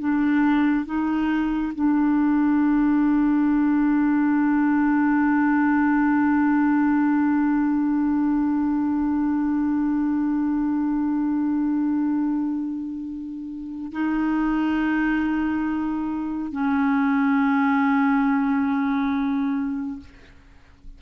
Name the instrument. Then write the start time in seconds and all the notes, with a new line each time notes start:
clarinet
0.00 D4
0.86 D#4
1.75 D4
13.92 D#4
16.52 C#4